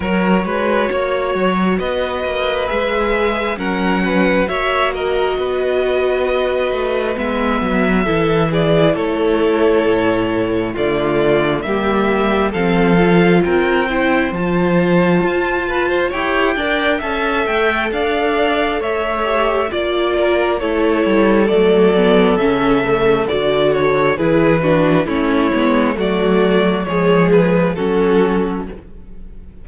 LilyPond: <<
  \new Staff \with { instrumentName = "violin" } { \time 4/4 \tempo 4 = 67 cis''2 dis''4 e''4 | fis''4 e''8 dis''2~ dis''8 | e''4. d''8 cis''2 | d''4 e''4 f''4 g''4 |
a''2 g''4 a''8 g''8 | f''4 e''4 d''4 cis''4 | d''4 e''4 d''8 cis''8 b'4 | cis''4 d''4 cis''8 b'8 a'4 | }
  \new Staff \with { instrumentName = "violin" } { \time 4/4 ais'8 b'8 cis''4 b'2 | ais'8 b'8 cis''8 ais'8 b'2~ | b'4 a'8 gis'8 a'2 | f'4 g'4 a'4 ais'8 c''8~ |
c''4. b'16 c''16 cis''8 d''8 e''4 | d''4 cis''4 d''8 ais'8 a'4~ | a'2. gis'8 fis'8 | e'4 fis'4 gis'4 fis'4 | }
  \new Staff \with { instrumentName = "viola" } { \time 4/4 fis'2. gis'4 | cis'4 fis'2. | b4 e'2. | a4 ais4 c'8 f'4 e'8 |
f'2 g'8 ais'8 a'4~ | a'4. g'8 f'4 e'4 | a8 b8 cis'8 a8 fis'4 e'8 d'8 | cis'8 b8 a4 gis4 cis'4 | }
  \new Staff \with { instrumentName = "cello" } { \time 4/4 fis8 gis8 ais8 fis8 b8 ais8 gis4 | fis4 ais4 b4. a8 | gis8 fis8 e4 a4 a,4 | d4 g4 f4 c'4 |
f4 f'4 e'8 d'8 cis'8 a8 | d'4 a4 ais4 a8 g8 | fis4 cis4 d4 e4 | a8 gis8 fis4 f4 fis4 | }
>>